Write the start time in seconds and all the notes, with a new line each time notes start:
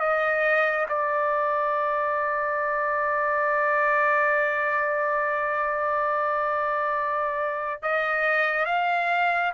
0.00 D#5
0.89 D5
7.83 D#5
8.66 F5